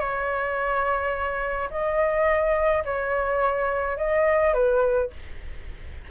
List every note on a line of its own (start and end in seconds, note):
0.00 1.70 C#5
1.71 2.84 D#5
2.85 3.98 C#5
3.98 4.54 D#5
4.54 5.11 B4